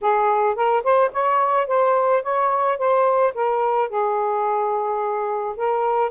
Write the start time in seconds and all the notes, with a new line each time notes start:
0.01 G#4
0.55 A#4
0.83 C5
1.12 C#5
1.67 C5
2.22 C#5
2.78 C5
3.34 A#4
3.89 G#4
5.56 A#4